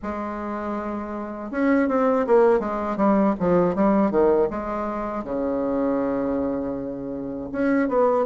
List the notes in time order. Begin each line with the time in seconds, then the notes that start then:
0.02 G#3
1.51 C#4
1.88 C4
2.27 A#3
2.59 G#3
2.96 G3
3.39 F3
3.75 G3
4.10 D#3
4.50 G#3
5.24 C#3
7.51 C#4
7.88 B3